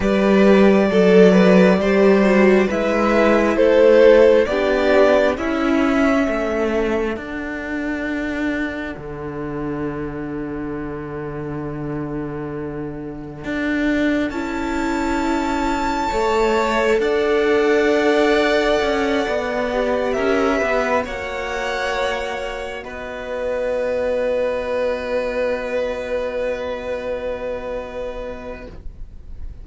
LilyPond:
<<
  \new Staff \with { instrumentName = "violin" } { \time 4/4 \tempo 4 = 67 d''2. e''4 | c''4 d''4 e''2 | fis''1~ | fis''1 |
a''2. fis''4~ | fis''2~ fis''8 e''4 fis''8~ | fis''4. dis''2~ dis''8~ | dis''1 | }
  \new Staff \with { instrumentName = "violin" } { \time 4/4 b'4 a'8 b'8 c''4 b'4 | a'4 g'4 e'4 a'4~ | a'1~ | a'1~ |
a'2 cis''4 d''4~ | d''2~ d''8 ais'8 b'8 cis''8~ | cis''4. b'2~ b'8~ | b'1 | }
  \new Staff \with { instrumentName = "viola" } { \time 4/4 g'4 a'4 g'8 fis'8 e'4~ | e'4 d'4 cis'2 | d'1~ | d'1 |
e'2 a'2~ | a'2 g'4. fis'8~ | fis'1~ | fis'1 | }
  \new Staff \with { instrumentName = "cello" } { \time 4/4 g4 fis4 g4 gis4 | a4 b4 cis'4 a4 | d'2 d2~ | d2. d'4 |
cis'2 a4 d'4~ | d'4 cis'8 b4 cis'8 b8 ais8~ | ais4. b2~ b8~ | b1 | }
>>